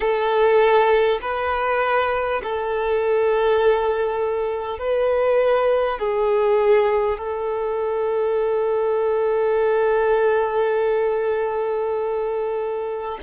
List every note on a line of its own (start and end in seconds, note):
0.00 1.19 A4
1.21 2.41 B4
2.43 4.78 A4
4.78 5.98 B4
5.98 7.17 G#4
7.17 13.17 A4